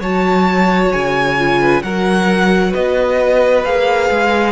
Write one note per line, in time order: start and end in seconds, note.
0.00 0.91 F#3
0.00 1.37 F#4
0.00 1.59 C#5
0.00 0.92 A5
0.92 1.83 C#3
0.92 1.82 G#5
1.37 1.83 F4
1.60 1.83 B4
1.82 2.74 F#3
1.82 3.64 F#4
1.82 2.70 A#4
1.82 2.73 F#5
2.70 3.64 B3
2.70 4.52 B4
2.70 3.64 D#5
3.64 4.09 A#3
3.64 4.52 G#4
3.64 4.52 F5
4.10 4.52 G#3